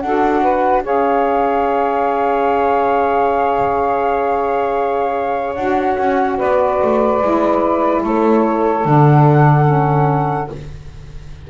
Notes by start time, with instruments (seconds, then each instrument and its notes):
0.00 double bass D4, saxophone F#4 A4, flute F#5
0.41 saxophone B4
0.83 double bass C#4, saxophone G#4 C#5, flute F5
5.54 double bass D4, saxophone F#4, flute F#5
5.98 double bass C#4
6.37 double bass B3, saxophone B4, flute D5
6.82 double bass A3
7.21 double bass G#3, saxophone E4
8.03 double bass A3, saxophone A4, flute C#5
8.85 double bass D3, saxophone D4, flute F#5
9.65 saxophone C#4